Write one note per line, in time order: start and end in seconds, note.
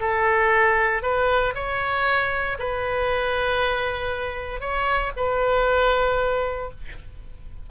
0.00 1.03 A4
1.03 1.54 B4
1.55 2.57 C#5
2.59 4.60 B4
4.60 5.11 C#5
5.17 6.70 B4